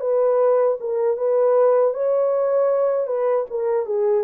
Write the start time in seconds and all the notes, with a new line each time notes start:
0.00 B4
0.80 A#4
1.17 B4
1.93 C#5
3.07 B4
3.50 A#4
3.85 G#4